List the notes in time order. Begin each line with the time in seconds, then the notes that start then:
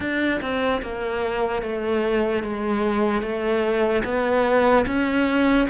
0.00 D4
0.41 C4
0.81 A#3
1.62 A3
2.43 G#3
3.21 A3
4.04 B3
4.86 C#4